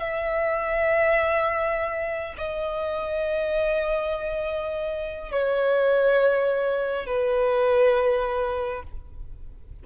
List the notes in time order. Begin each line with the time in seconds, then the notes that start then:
0.00 E5
2.38 D#5
5.32 C#5
7.06 B4